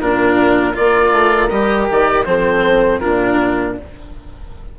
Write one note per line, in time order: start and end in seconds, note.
0.00 0.76 A#2
0.00 0.74 D4
0.00 0.75 F4
0.00 0.76 A#4
0.74 1.12 A#3
0.74 1.49 F4
0.74 2.25 A#4
0.74 1.50 D5
1.12 1.49 A3
1.50 1.89 G3
1.50 2.26 G4
1.50 1.87 D#5
1.90 2.26 D#3
1.90 2.25 D5
2.25 3.01 F3
2.25 3.01 C4
2.25 3.02 A4
2.25 3.00 C5
3.01 3.79 A#2
3.01 3.78 D4
3.01 3.77 F4
3.01 3.76 A#4